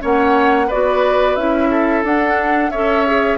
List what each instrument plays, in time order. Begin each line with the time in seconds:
0.00 bassoon A#3, clarinet C#4, oboe C#5, flute F#5
0.67 clarinet F#4, oboe B4, flute D5
0.74 bassoon B3
1.36 bassoon C#4, clarinet E4, flute E5
1.71 oboe A4
2.03 bassoon D4, clarinet D4, flute F#5
2.70 bassoon C#4, clarinet A4, oboe C#5, flute E5
3.07 clarinet G#4